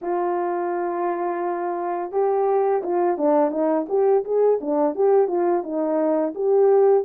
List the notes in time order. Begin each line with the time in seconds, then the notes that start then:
0.01 F4
2.11 G4
2.82 F4
3.17 D4
3.50 D#4
3.88 G4
4.24 G#4
4.61 D4
4.95 G4
5.27 F4
5.63 D#4
6.35 G4